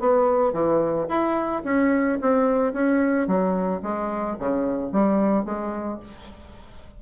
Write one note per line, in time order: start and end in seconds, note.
0.00 0.54 B3
0.54 1.08 E3
1.09 1.63 E4
1.65 2.19 C#4
2.22 2.73 C4
2.73 3.28 C#4
3.28 3.82 F#3
3.83 4.38 G#3
4.39 4.93 C#3
4.93 5.45 G3
5.45 6.00 G#3